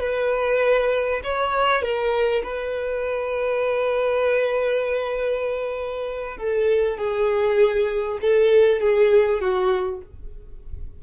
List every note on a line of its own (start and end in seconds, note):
0.00 1.21 B4
1.24 1.82 C#5
1.82 2.43 A#4
2.44 6.38 B4
6.38 6.98 A4
6.98 8.19 G#4
8.22 8.81 A4
8.81 9.41 G#4
9.41 10.01 F#4